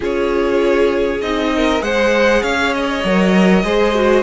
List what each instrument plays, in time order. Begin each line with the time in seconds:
0.00 cello C#4, viola F4, violin G#4 C#5
1.21 cello C4, viola D#4, violin D#5
1.55 violin A#4
1.79 cello G#3, viola G#4, violin C5 F#5
2.42 cello C#4, violin C#5 F5
2.73 violin D#5
3.04 cello F#3, viola A#4
3.63 cello G#3, viola G#4, violin C5
3.94 viola F#4